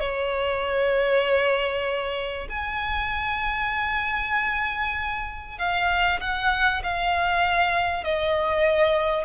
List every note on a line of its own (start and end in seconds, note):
0.00 2.47 C#5
2.49 5.58 G#5
5.58 6.20 F5
6.20 6.82 F#5
6.83 8.04 F5
8.04 9.24 D#5